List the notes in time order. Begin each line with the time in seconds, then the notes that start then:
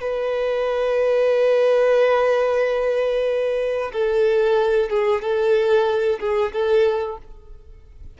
0.00 B4
3.92 A4
4.89 G#4
5.21 A4
6.19 G#4
6.52 A4